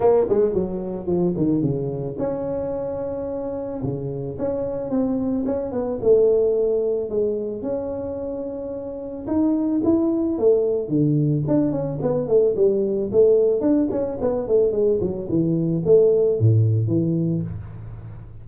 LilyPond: \new Staff \with { instrumentName = "tuba" } { \time 4/4 \tempo 4 = 110 ais8 gis8 fis4 f8 dis8 cis4 | cis'2. cis4 | cis'4 c'4 cis'8 b8 a4~ | a4 gis4 cis'2~ |
cis'4 dis'4 e'4 a4 | d4 d'8 cis'8 b8 a8 g4 | a4 d'8 cis'8 b8 a8 gis8 fis8 | e4 a4 a,4 e4 | }